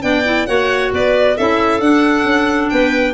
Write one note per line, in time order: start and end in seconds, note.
0.00 0.47 B3
0.00 0.22 D4
0.00 0.47 D5
0.00 0.45 G5
0.24 0.46 E4
0.45 0.92 A#3
0.45 1.36 F#4
0.45 0.92 C#5
0.45 0.90 F#5
0.92 1.37 B3
0.92 1.37 B4
0.92 1.37 D5
1.37 1.80 C#4
1.37 1.81 E4
1.37 2.71 A4
1.37 1.80 E5
1.80 2.24 D4
1.80 3.13 D4
1.80 2.69 F#5
2.24 2.68 C#4
2.69 3.13 B3
2.69 3.13 B4
2.69 3.13 G5